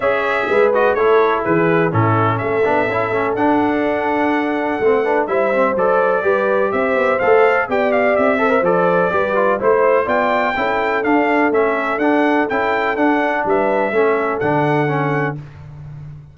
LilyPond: <<
  \new Staff \with { instrumentName = "trumpet" } { \time 4/4 \tempo 4 = 125 e''4. dis''8 cis''4 b'4 | a'4 e''2 fis''4~ | fis''2. e''4 | d''2 e''4 f''4 |
g''8 f''8 e''4 d''2 | c''4 g''2 f''4 | e''4 fis''4 g''4 fis''4 | e''2 fis''2 | }
  \new Staff \with { instrumentName = "horn" } { \time 4/4 cis''4 b'4 a'4 gis'4 | e'4 a'2.~ | a'2~ a'8 b'8 c''4~ | c''4 b'4 c''2 |
d''4. c''4. b'4 | c''4 d''4 a'2~ | a'1 | b'4 a'2. | }
  \new Staff \with { instrumentName = "trombone" } { \time 4/4 gis'4. fis'8 e'2 | cis'4. d'8 e'8 cis'8 d'4~ | d'2 c'8 d'8 e'8 c'8 | a'4 g'2 a'4 |
g'4. a'16 ais'16 a'4 g'8 f'8 | e'4 f'4 e'4 d'4 | cis'4 d'4 e'4 d'4~ | d'4 cis'4 d'4 cis'4 | }
  \new Staff \with { instrumentName = "tuba" } { \time 4/4 cis'4 gis4 a4 e4 | a,4 a8 b8 cis'8 a8 d'4~ | d'2 a4 g4 | fis4 g4 c'8 b8 a4 |
b4 c'4 f4 g4 | a4 b4 cis'4 d'4 | a4 d'4 cis'4 d'4 | g4 a4 d2 | }
>>